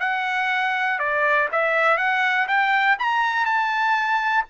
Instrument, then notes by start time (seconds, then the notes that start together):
trumpet
0.00 F#5
0.99 D5
1.52 E5
1.97 F#5
2.48 G5
2.99 A#5
3.46 A5